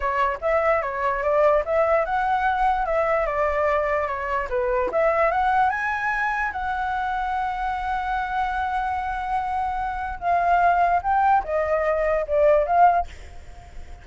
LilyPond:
\new Staff \with { instrumentName = "flute" } { \time 4/4 \tempo 4 = 147 cis''4 e''4 cis''4 d''4 | e''4 fis''2 e''4 | d''2 cis''4 b'4 | e''4 fis''4 gis''2 |
fis''1~ | fis''1~ | fis''4 f''2 g''4 | dis''2 d''4 f''4 | }